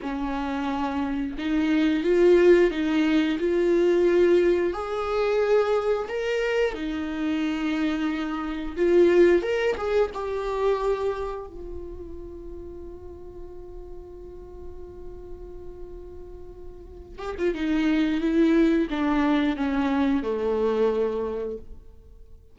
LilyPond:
\new Staff \with { instrumentName = "viola" } { \time 4/4 \tempo 4 = 89 cis'2 dis'4 f'4 | dis'4 f'2 gis'4~ | gis'4 ais'4 dis'2~ | dis'4 f'4 ais'8 gis'8 g'4~ |
g'4 f'2.~ | f'1~ | f'4. g'16 f'16 dis'4 e'4 | d'4 cis'4 a2 | }